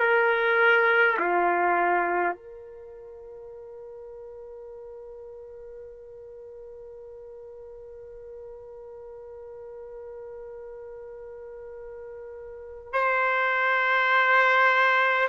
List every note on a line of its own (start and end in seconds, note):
0.00 1.18 A#4
1.19 2.36 F4
2.36 12.93 A#4
12.93 15.28 C5